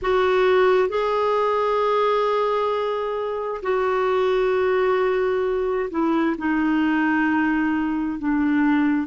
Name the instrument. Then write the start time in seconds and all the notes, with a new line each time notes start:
clarinet
0.02 F#4
0.88 G#4
3.62 F#4
5.90 E4
6.38 D#4
8.18 D4